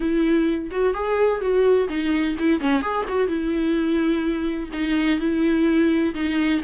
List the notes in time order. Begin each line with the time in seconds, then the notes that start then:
0.00 E4
0.71 F#4
0.93 G#4
1.40 F#4
1.88 D#4
2.39 E4
2.60 C#4
2.82 G#4
3.08 F#4
3.27 E4
4.72 D#4
5.19 E4
6.14 D#4